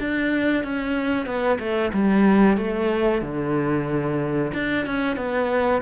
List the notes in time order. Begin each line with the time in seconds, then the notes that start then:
0.00 D4
0.63 C#4
1.26 B3
1.59 A3
1.93 G3
2.57 A3
3.22 D3
4.54 D4
4.86 C#4
5.16 B3